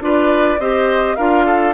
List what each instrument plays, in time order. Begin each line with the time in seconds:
0.00 bassoon D4, clarinet F4, oboe B4, flute D5
0.58 bassoon C4, clarinet G4, oboe C5, flute D#5
1.15 bassoon D4, clarinet F4, oboe A#4, flute F5
1.45 oboe A4